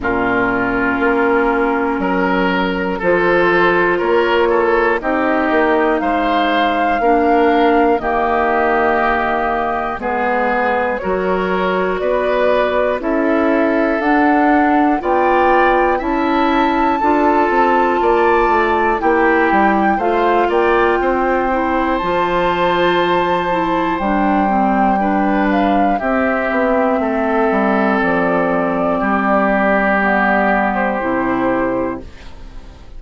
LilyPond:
<<
  \new Staff \with { instrumentName = "flute" } { \time 4/4 \tempo 4 = 60 ais'2. c''4 | cis''4 dis''4 f''2 | dis''2 b'4 cis''4 | d''4 e''4 fis''4 g''4 |
a''2. g''4 | f''8 g''4. a''2 | g''4. f''8 e''2 | d''2~ d''8. c''4~ c''16 | }
  \new Staff \with { instrumentName = "oboe" } { \time 4/4 f'2 ais'4 a'4 | ais'8 a'8 g'4 c''4 ais'4 | g'2 gis'4 ais'4 | b'4 a'2 d''4 |
e''4 a'4 d''4 g'4 | c''8 d''8 c''2.~ | c''4 b'4 g'4 a'4~ | a'4 g'2. | }
  \new Staff \with { instrumentName = "clarinet" } { \time 4/4 cis'2. f'4~ | f'4 dis'2 d'4 | ais2 b4 fis'4~ | fis'4 e'4 d'4 f'4 |
e'4 f'2 e'4 | f'4. e'8 f'4. e'8 | d'8 c'8 d'4 c'2~ | c'2 b4 e'4 | }
  \new Staff \with { instrumentName = "bassoon" } { \time 4/4 ais,4 ais4 fis4 f4 | ais4 c'8 ais8 gis4 ais4 | dis2 gis4 fis4 | b4 cis'4 d'4 b4 |
cis'4 d'8 c'8 ais8 a8 ais8 g8 | a8 ais8 c'4 f2 | g2 c'8 b8 a8 g8 | f4 g2 c4 | }
>>